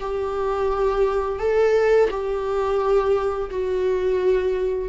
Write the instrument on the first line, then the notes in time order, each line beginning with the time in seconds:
viola
0.00 G4
1.39 A4
2.10 G4
3.50 F#4